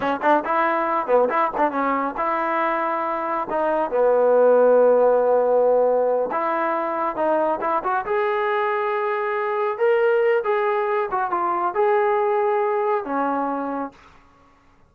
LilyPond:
\new Staff \with { instrumentName = "trombone" } { \time 4/4 \tempo 4 = 138 cis'8 d'8 e'4. b8 e'8 d'8 | cis'4 e'2. | dis'4 b2.~ | b2~ b8 e'4.~ |
e'8 dis'4 e'8 fis'8 gis'4.~ | gis'2~ gis'8 ais'4. | gis'4. fis'8 f'4 gis'4~ | gis'2 cis'2 | }